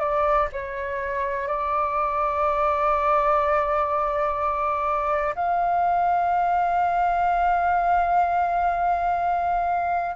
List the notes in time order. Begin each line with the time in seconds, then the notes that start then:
0.00 D5
0.53 C#5
1.48 D5
5.35 F5